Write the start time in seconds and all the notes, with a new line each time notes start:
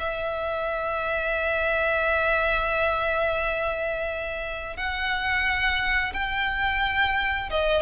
0.00 E5
4.77 F#5
6.14 G5
7.51 D#5